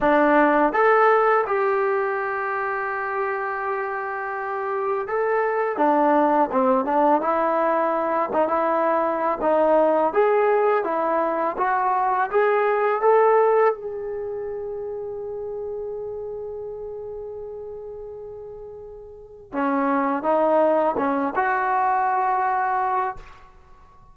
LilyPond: \new Staff \with { instrumentName = "trombone" } { \time 4/4 \tempo 4 = 83 d'4 a'4 g'2~ | g'2. a'4 | d'4 c'8 d'8 e'4. dis'16 e'16~ | e'4 dis'4 gis'4 e'4 |
fis'4 gis'4 a'4 gis'4~ | gis'1~ | gis'2. cis'4 | dis'4 cis'8 fis'2~ fis'8 | }